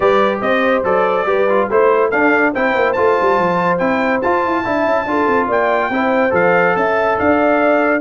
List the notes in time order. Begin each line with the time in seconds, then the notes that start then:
0.00 G3 G4 B4 D5
0.41 C4 C5 D#5
0.83 F#3 A4 D5
1.25 G3 G4 B4
1.49 F4
1.70 A3 E4 C5
2.09 D4 A4 F5
2.53 C4 E4 C5 G5
2.75 A#3
2.92 A3 F4 A5
3.21 G3
3.38 F3
3.78 C4 E4 G5
4.21 F4 A5
4.44 E4
4.64 D4 E4 E5
4.86 C#4
5.05 D4 F4 A4
5.27 C4
5.47 A#3 D5 G5
5.89 C4 E4 C5
6.30 F3 A4 F5
6.75 C#4 E5 A5
7.18 D4 D5 F5